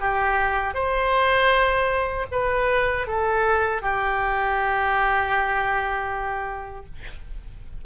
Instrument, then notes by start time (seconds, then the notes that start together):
oboe
0.00 G4
0.74 C5
2.31 B4
3.07 A4
3.81 G4